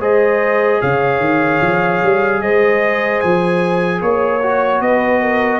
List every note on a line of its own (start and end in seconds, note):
0.00 0.80 G#3
0.00 4.41 G#4
0.00 0.80 C5
0.00 0.82 D#5
0.81 1.20 C#3
0.81 2.41 C#5
0.81 2.42 F5
1.20 1.60 D#3
1.62 2.02 F3
2.03 2.42 G3
2.42 3.22 G#3
2.42 4.02 C5
2.42 3.21 D#5
3.21 4.02 F3
3.21 4.01 G#5
4.02 4.81 A#3
4.02 4.82 C#5
4.43 5.60 F#4
4.81 5.60 B3
4.81 5.21 B4
4.81 5.60 D#5
5.21 5.60 A#4